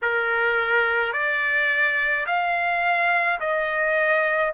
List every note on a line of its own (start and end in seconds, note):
0.02 1.12 A#4
1.12 2.25 D5
2.26 3.39 F5
3.40 4.53 D#5